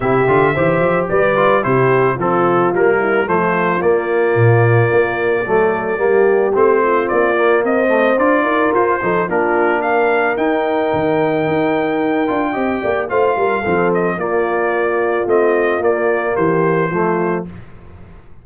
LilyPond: <<
  \new Staff \with { instrumentName = "trumpet" } { \time 4/4 \tempo 4 = 110 e''2 d''4 c''4 | a'4 ais'4 c''4 d''4~ | d''1 | c''4 d''4 dis''4 d''4 |
c''4 ais'4 f''4 g''4~ | g''1 | f''4. dis''8 d''2 | dis''4 d''4 c''2 | }
  \new Staff \with { instrumentName = "horn" } { \time 4/4 g'4 c''4 b'4 g'4 | f'4. e'8 f'2~ | f'2 a'4 g'4~ | g'8 f'4. c''4. ais'8~ |
ais'8 a'8 f'4 ais'2~ | ais'2. dis''8 d''8 | c''8 ais'8 a'4 f'2~ | f'2 g'4 f'4 | }
  \new Staff \with { instrumentName = "trombone" } { \time 4/4 e'8 f'8 g'4. f'8 e'4 | c'4 ais4 a4 ais4~ | ais2 a4 ais4 | c'4. ais4 a8 f'4~ |
f'8 dis'8 d'2 dis'4~ | dis'2~ dis'8 f'8 g'4 | f'4 c'4 ais2 | c'4 ais2 a4 | }
  \new Staff \with { instrumentName = "tuba" } { \time 4/4 c8 d8 e8 f8 g4 c4 | f4 g4 f4 ais4 | ais,4 ais4 fis4 g4 | a4 ais4 c'4 d'8 dis'8 |
f'8 f8 ais2 dis'4 | dis4 dis'4. d'8 c'8 ais8 | a8 g8 f4 ais2 | a4 ais4 e4 f4 | }
>>